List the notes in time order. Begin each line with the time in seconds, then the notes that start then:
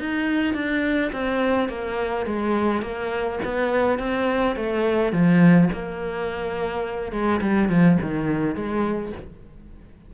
0.00 D#4
0.55 D4
1.13 C4
1.69 A#3
2.26 G#3
2.82 A#3
3.45 B3
3.99 C4
4.56 A3
5.12 F3
5.73 A#3
7.12 G#3
7.42 G3
7.70 F3
8.02 D#3
8.55 G#3